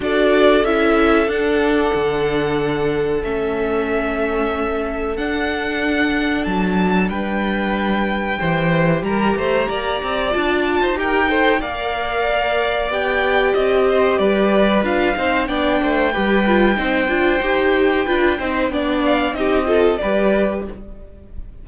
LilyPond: <<
  \new Staff \with { instrumentName = "violin" } { \time 4/4 \tempo 4 = 93 d''4 e''4 fis''2~ | fis''4 e''2. | fis''2 a''4 g''4~ | g''2 ais''2 |
a''4 g''4 f''2 | g''4 dis''4 d''4 f''4 | g''1~ | g''4. f''8 dis''4 d''4 | }
  \new Staff \with { instrumentName = "violin" } { \time 4/4 a'1~ | a'1~ | a'2. b'4~ | b'4 c''4 ais'8 c''8 d''4~ |
d''8. c''16 ais'8 c''8 d''2~ | d''4. c''8 b'4. c''8 | d''8 c''8 b'4 c''2 | b'8 c''8 d''4 g'8 a'8 b'4 | }
  \new Staff \with { instrumentName = "viola" } { \time 4/4 fis'4 e'4 d'2~ | d'4 cis'2. | d'1~ | d'4 g'2. |
f'4 g'8 a'8 ais'2 | g'2. f'8 dis'8 | d'4 g'8 f'8 dis'8 f'8 g'4 | f'8 dis'8 d'4 dis'8 f'8 g'4 | }
  \new Staff \with { instrumentName = "cello" } { \time 4/4 d'4 cis'4 d'4 d4~ | d4 a2. | d'2 fis4 g4~ | g4 e4 g8 a8 ais8 c'8 |
d'8. dis'4~ dis'16 ais2 | b4 c'4 g4 d'8 c'8 | b8 a8 g4 c'8 d'8 dis'4 | d'8 c'8 b4 c'4 g4 | }
>>